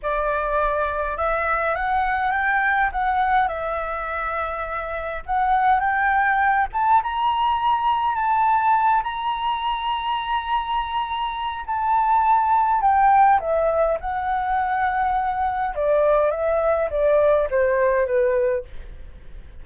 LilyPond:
\new Staff \with { instrumentName = "flute" } { \time 4/4 \tempo 4 = 103 d''2 e''4 fis''4 | g''4 fis''4 e''2~ | e''4 fis''4 g''4. a''8 | ais''2 a''4. ais''8~ |
ais''1 | a''2 g''4 e''4 | fis''2. d''4 | e''4 d''4 c''4 b'4 | }